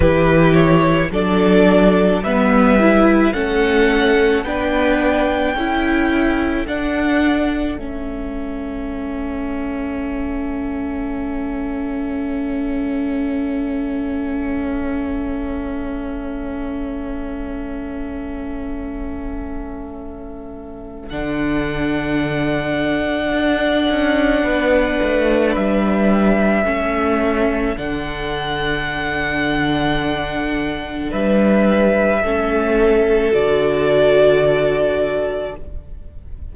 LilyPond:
<<
  \new Staff \with { instrumentName = "violin" } { \time 4/4 \tempo 4 = 54 b'8 cis''8 d''4 e''4 fis''4 | g''2 fis''4 e''4~ | e''1~ | e''1~ |
e''2. fis''4~ | fis''2. e''4~ | e''4 fis''2. | e''2 d''2 | }
  \new Staff \with { instrumentName = "violin" } { \time 4/4 g'4 a'4 b'4 a'4 | b'4 a'2.~ | a'1~ | a'1~ |
a'1~ | a'2 b'2 | a'1 | b'4 a'2. | }
  \new Staff \with { instrumentName = "viola" } { \time 4/4 e'4 d'4 b8 e'8 cis'4 | d'4 e'4 d'4 cis'4~ | cis'1~ | cis'1~ |
cis'2. d'4~ | d'1 | cis'4 d'2.~ | d'4 cis'4 fis'2 | }
  \new Staff \with { instrumentName = "cello" } { \time 4/4 e4 fis4 g4 a4 | b4 cis'4 d'4 a4~ | a1~ | a1~ |
a2. d4~ | d4 d'8 cis'8 b8 a8 g4 | a4 d2. | g4 a4 d2 | }
>>